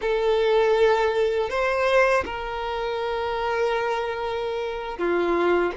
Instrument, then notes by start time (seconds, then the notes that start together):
violin
0.01 A4
1.49 C5
2.25 A#4
4.98 F4